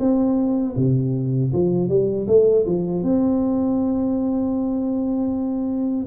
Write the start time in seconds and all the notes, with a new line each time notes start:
0.00 C4
0.76 C3
1.53 F3
1.89 G3
2.28 A3
2.66 F3
3.03 C4